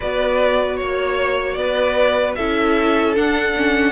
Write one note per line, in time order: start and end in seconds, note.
0.00 0.79 B3
0.00 2.38 F#4
0.00 0.79 B4
0.00 0.76 D5
0.76 1.56 A#3
0.76 1.53 C#5
0.76 1.58 C#5
1.53 2.35 B3
1.53 2.37 B4
1.53 2.32 D5
2.35 3.16 C#4
2.35 3.15 E4
2.35 3.91 A4
2.35 3.14 E5
3.15 3.55 D4
3.15 3.91 D4
3.15 3.91 F#5
3.56 3.91 C#4